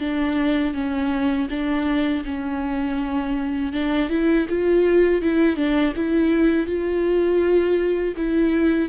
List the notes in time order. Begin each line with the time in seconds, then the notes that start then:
0.00 D4
0.74 C#4
1.49 D4
2.25 C#4
3.72 D4
4.09 E4
4.49 F4
5.22 E4
5.56 D4
5.96 E4
6.67 F4
8.17 E4